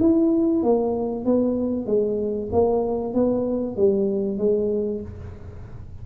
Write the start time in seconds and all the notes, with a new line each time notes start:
0.00 E4
0.63 A#3
1.25 B3
1.86 G#3
2.52 A#3
3.14 B3
3.76 G3
4.38 G#3